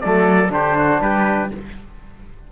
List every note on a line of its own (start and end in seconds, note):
0.00 0.50 F#3
0.00 0.49 A3
0.00 0.52 A4
0.00 0.50 D5
0.49 1.00 D3
0.49 1.49 D4
0.49 0.77 G4
0.49 1.01 C5
0.78 1.01 F#4
1.01 1.51 G3
1.01 1.51 G4
1.01 1.51 B4